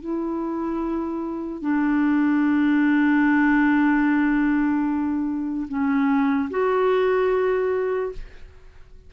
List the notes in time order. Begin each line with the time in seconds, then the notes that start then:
0.00 E4
1.62 D4
5.68 C#4
6.50 F#4